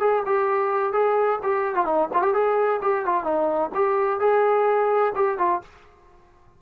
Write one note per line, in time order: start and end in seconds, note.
0.00 0.23 G#4
0.26 0.93 G4
0.93 1.39 G#4
1.43 1.75 G4
1.75 1.85 F4
1.85 2.09 D#4
2.14 2.22 F4
2.22 2.34 G4
2.34 2.80 G#4
2.82 3.05 G4
3.05 3.24 F4
3.24 3.70 D#4
3.74 4.20 G4
4.20 5.13 G#4
5.16 5.38 G4
5.38 5.62 F4